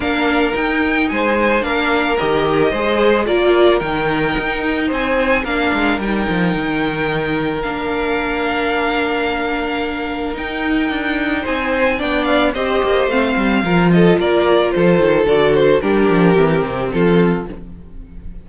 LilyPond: <<
  \new Staff \with { instrumentName = "violin" } { \time 4/4 \tempo 4 = 110 f''4 g''4 gis''4 f''4 | dis''2 d''4 g''4~ | g''4 gis''4 f''4 g''4~ | g''2 f''2~ |
f''2. g''4~ | g''4 gis''4 g''8 f''8 dis''4 | f''4. dis''8 d''4 c''4 | d''8 c''8 ais'2 a'4 | }
  \new Staff \with { instrumentName = "violin" } { \time 4/4 ais'2 c''4 ais'4~ | ais'4 c''4 ais'2~ | ais'4 c''4 ais'2~ | ais'1~ |
ais'1~ | ais'4 c''4 d''4 c''4~ | c''4 ais'8 a'8 ais'4 a'4~ | a'4 g'2 f'4 | }
  \new Staff \with { instrumentName = "viola" } { \time 4/4 d'4 dis'2 d'4 | g'4 gis'4 f'4 dis'4~ | dis'2 d'4 dis'4~ | dis'2 d'2~ |
d'2. dis'4~ | dis'2 d'4 g'4 | c'4 f'2. | fis'4 d'4 c'2 | }
  \new Staff \with { instrumentName = "cello" } { \time 4/4 ais4 dis'4 gis4 ais4 | dis4 gis4 ais4 dis4 | dis'4 c'4 ais8 gis8 g8 f8 | dis2 ais2~ |
ais2. dis'4 | d'4 c'4 b4 c'8 ais8 | a8 g8 f4 ais4 f8 dis8 | d4 g8 f8 e8 c8 f4 | }
>>